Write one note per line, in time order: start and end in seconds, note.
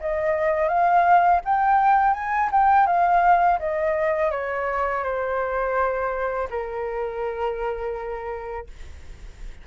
0.00 0.68 D#5
0.68 1.40 F5
1.45 2.13 G5
2.13 2.49 G#5
2.51 2.86 G5
2.86 3.58 F5
3.59 4.31 D#5
4.31 5.03 C#5
5.03 6.48 C5
6.50 8.67 A#4